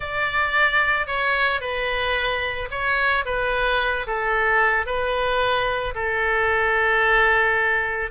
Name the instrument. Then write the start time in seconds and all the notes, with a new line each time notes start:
oboe
0.00 D5
1.06 C#5
1.60 B4
2.70 C#5
3.25 B4
4.07 A4
4.86 B4
5.94 A4